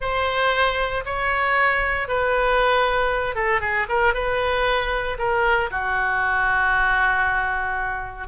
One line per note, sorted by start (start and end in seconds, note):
0.00 1.04 C5
1.05 2.08 C#5
2.08 3.35 B4
3.35 3.60 A4
3.60 3.86 G#4
3.89 4.14 A#4
4.14 5.17 B4
5.18 5.70 A#4
5.71 8.27 F#4